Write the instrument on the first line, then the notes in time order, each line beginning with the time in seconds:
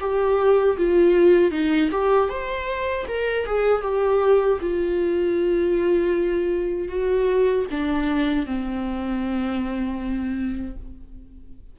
viola
0.00 G4
0.77 F4
1.51 D#4
1.91 G4
2.29 C5
3.08 A#4
3.46 G#4
3.82 G4
4.61 F4
6.88 F#4
7.71 D4
8.46 C4